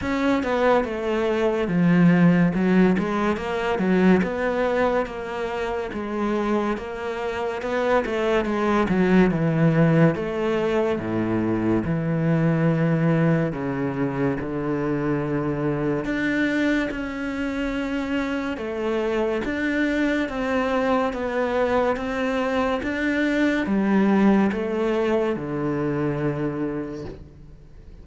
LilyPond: \new Staff \with { instrumentName = "cello" } { \time 4/4 \tempo 4 = 71 cis'8 b8 a4 f4 fis8 gis8 | ais8 fis8 b4 ais4 gis4 | ais4 b8 a8 gis8 fis8 e4 | a4 a,4 e2 |
cis4 d2 d'4 | cis'2 a4 d'4 | c'4 b4 c'4 d'4 | g4 a4 d2 | }